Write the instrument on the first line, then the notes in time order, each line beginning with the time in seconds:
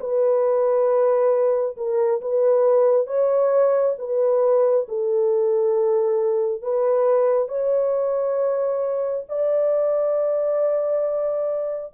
horn
0.00 B4
1.76 A#4
2.21 B4
3.07 C#5
3.98 B4
4.88 A4
6.62 B4
7.48 C#5
9.28 D5